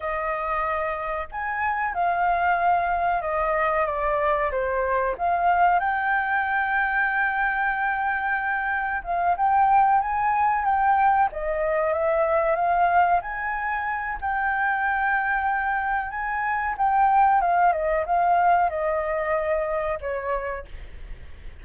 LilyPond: \new Staff \with { instrumentName = "flute" } { \time 4/4 \tempo 4 = 93 dis''2 gis''4 f''4~ | f''4 dis''4 d''4 c''4 | f''4 g''2.~ | g''2 f''8 g''4 gis''8~ |
gis''8 g''4 dis''4 e''4 f''8~ | f''8 gis''4. g''2~ | g''4 gis''4 g''4 f''8 dis''8 | f''4 dis''2 cis''4 | }